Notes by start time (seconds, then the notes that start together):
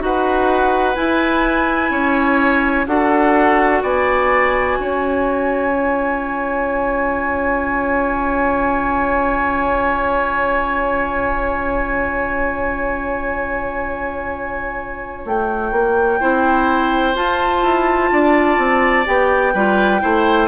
0.00 D#4 F#4 B4 F#5
0.95 E4 G#5
1.91 C#4 C#5
2.87 D4 F#4 A4 F#5
3.83 B3 D5 G#5
4.79 C#4 C#5
5.71 F4
15.25 A3 G5
15.72 A#3
16.20 C4 E4 C5
17.15 F4 A5
17.63 E4
18.12 D4 D5
18.59 C4
19.06 B3 G4 G5
19.54 G3 F4 B4
20.01 A3 E4 C5